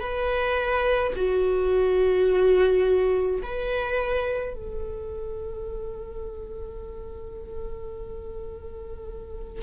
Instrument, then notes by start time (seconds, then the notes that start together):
viola
0.00 B4
1.16 F#4
3.43 B4
4.54 A4